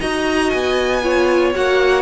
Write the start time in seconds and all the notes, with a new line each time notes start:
0.00 D#4 F#4 D#5 A#5
0.50 B3 G#5
1.03 F4 C#5
1.54 A#3 F#4 F#5